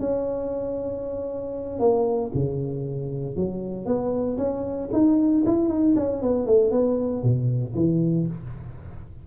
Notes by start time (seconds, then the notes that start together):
0.00 C#4
1.79 A#3
2.34 C#3
3.36 F#3
3.86 B3
4.38 C#4
4.93 D#4
5.46 E4
5.69 D#4
5.96 C#4
6.22 B3
6.47 A3
6.71 B3
7.23 B2
7.75 E3